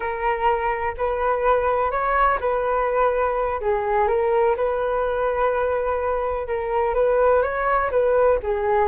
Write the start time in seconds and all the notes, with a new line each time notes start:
0.00 A#4
0.97 B4
1.91 C#5
2.40 B4
3.60 G#4
4.07 A#4
4.56 B4
6.47 A#4
6.94 B4
7.42 C#5
7.91 B4
8.42 G#4